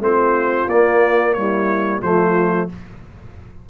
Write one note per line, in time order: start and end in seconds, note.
0.00 0.67 A3
0.00 0.69 C4
0.00 1.37 F4
0.00 0.69 C5
0.68 2.01 A#3
0.68 1.36 A#3
0.68 1.34 D5
1.34 2.03 G3
1.34 2.01 E4
1.34 2.00 C#5
2.01 2.69 F3
2.01 2.70 A3
2.01 2.68 F4
2.01 2.69 C5